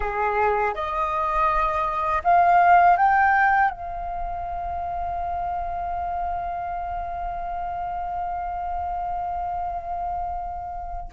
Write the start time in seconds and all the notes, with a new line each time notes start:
0.00 G#4
0.74 D#5
2.24 F5
2.96 G5
3.70 F5